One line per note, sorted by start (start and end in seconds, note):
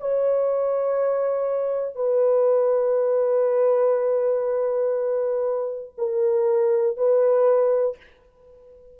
0.00 1.95 C#5
1.95 5.95 B4
5.97 6.97 A#4
6.97 7.97 B4